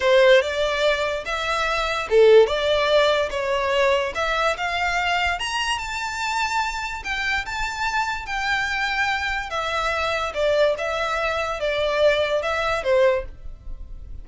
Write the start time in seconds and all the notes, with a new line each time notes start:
0.00 C5
0.41 D5
1.25 E5
2.10 A4
2.46 D5
3.30 C#5
4.15 E5
4.57 F5
5.39 A#5
5.78 A5
7.03 G5
7.45 A5
8.26 G5
9.50 E5
10.34 D5
10.77 E5
11.60 D5
12.42 E5
12.83 C5